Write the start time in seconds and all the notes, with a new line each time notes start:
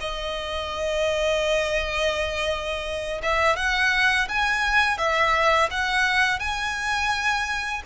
0.00 D#5
3.22 E5
3.56 F#5
4.29 G#5
4.98 E5
5.70 F#5
6.39 G#5